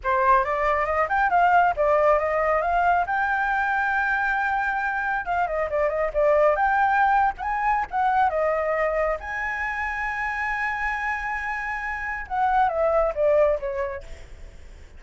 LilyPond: \new Staff \with { instrumentName = "flute" } { \time 4/4 \tempo 4 = 137 c''4 d''4 dis''8 g''8 f''4 | d''4 dis''4 f''4 g''4~ | g''1 | f''8 dis''8 d''8 dis''8 d''4 g''4~ |
g''8. fis''16 gis''4 fis''4 dis''4~ | dis''4 gis''2.~ | gis''1 | fis''4 e''4 d''4 cis''4 | }